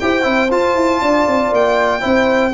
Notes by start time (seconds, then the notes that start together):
0.00 E4 G4 C5 G5
0.23 C4 E4
0.51 F4 A5
0.75 E4
1.02 D4 D5
1.27 C4
1.52 A#3 G5
2.01 C4 E4 C5